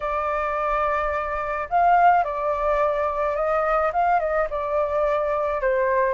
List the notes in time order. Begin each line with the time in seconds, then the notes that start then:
0.00 D5
1.69 F5
2.24 D5
3.35 D#5
3.92 F5
4.19 D#5
4.50 D5
5.61 C5